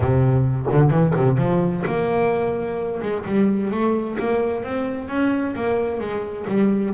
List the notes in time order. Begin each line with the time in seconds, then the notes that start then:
0.00 C3
0.72 D3
0.90 E3
1.15 C3
1.37 F3
1.86 A#3
3.02 G#3
3.25 G3
3.70 A3
4.19 A#3
4.63 C4
5.08 C#4
5.55 A#3
6.00 G#3
6.47 G3